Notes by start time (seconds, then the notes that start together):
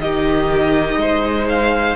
0.00 D#3 D#4 G4 D#5
0.96 G#3 C5
1.50 F5